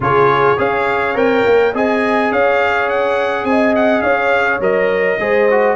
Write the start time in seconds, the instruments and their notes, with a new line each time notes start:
0.00 tuba C#3, trombone F4, horn G#4, trumpet C#5
0.57 tuba C#4, trombone G#4, horn C#5, trumpet F5
1.15 tuba C4, trombone A#4, trumpet G5
1.45 tuba A#3
1.73 tuba C4, trombone G#4, horn D#5, trumpet G#5
2.31 tuba C#4, horn C#5, trumpet F5
2.89 trumpet F#5
3.44 tuba C4, horn D#5, trumpet G#5
3.75 trumpet F#5
4.01 tuba C#4, horn C#5, trumpet F5
4.59 tuba F#3, trombone A#4, trumpet D#5
5.19 tuba G#3, trombone G#4, horn C5
5.50 trombone F#4